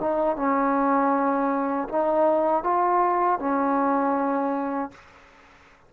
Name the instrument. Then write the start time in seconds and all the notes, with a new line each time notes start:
trombone
0.00 D#4
0.36 C#4
1.88 D#4
2.63 F4
3.39 C#4